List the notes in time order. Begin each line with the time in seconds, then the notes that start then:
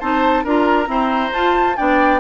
0.00 C4 D#4 C5 A5
0.44 D4 F4 A#4 A#5
0.86 C4 E4 C5
1.32 F4 A5
1.76 B3 D4 D5 G5